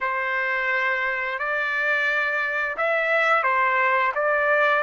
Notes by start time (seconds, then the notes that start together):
0.01 C5
1.38 D5
2.77 E5
3.43 C5
4.14 D5